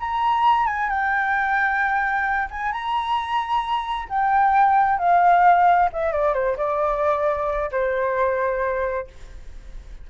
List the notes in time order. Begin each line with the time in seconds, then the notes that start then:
0.00 A#5
0.67 G#5
0.90 G5
2.51 G#5
2.73 A#5
4.09 G5
4.99 F5
5.93 E5
6.12 D5
6.34 C5
6.57 D5
7.71 C5